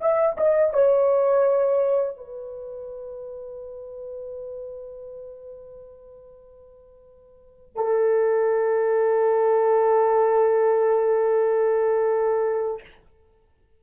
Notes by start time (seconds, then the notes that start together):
0.00 E5
0.37 D#5
0.73 C#5
2.17 B4
7.75 A4